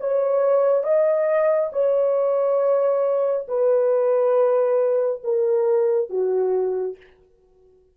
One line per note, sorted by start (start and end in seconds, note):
0.00 0.83 C#5
0.83 1.70 D#5
1.72 3.46 C#5
3.48 5.22 B4
5.23 6.09 A#4
6.09 6.96 F#4